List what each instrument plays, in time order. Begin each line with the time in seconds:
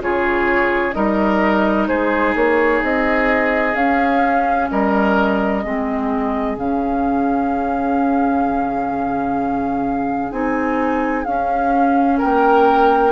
0.00 bassoon C#3, clarinet F4, oboe G#4, flute C#5
0.92 bassoon G3, clarinet D#4, oboe A#4, flute D#5
1.87 bassoon G#3, oboe G#4, flute C5
2.35 bassoon A#3, flute C#5
2.82 bassoon C4, flute D#5
3.74 bassoon C#4, clarinet C#4, flute F5
4.70 bassoon G3, oboe A#4, flute D#5
5.64 bassoon G#3, clarinet C4, oboe G#4
6.57 bassoon C#3, clarinet C#4, flute F5
10.31 bassoon C4, clarinet D#4, flute G#5
11.24 clarinet C#4, bassoon C#4, flute F5
12.18 bassoon A#3, oboe A#4, flute G5